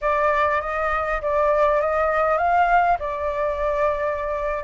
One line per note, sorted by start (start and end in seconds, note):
0.01 0.61 D5
0.61 1.21 D#5
1.21 1.81 D5
1.81 2.37 D#5
2.37 2.97 F5
2.99 4.63 D5